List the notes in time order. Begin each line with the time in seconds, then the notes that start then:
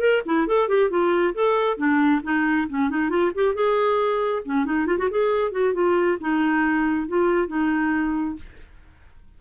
0.00 A#4
0.26 E4
0.48 A4
0.69 G4
0.90 F4
1.35 A4
1.77 D4
2.24 D#4
2.69 C#4
2.90 D#4
3.10 F4
3.35 G4
3.55 G#4
4.46 C#4
4.65 D#4
4.87 F4
4.98 F#4
5.11 G#4
5.52 F#4
5.74 F4
6.21 D#4
7.08 F4
7.48 D#4